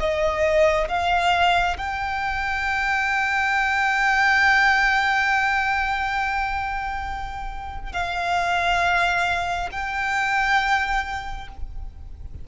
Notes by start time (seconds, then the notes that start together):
0.00 D#5
0.89 F5
1.78 G5
7.93 F5
9.72 G5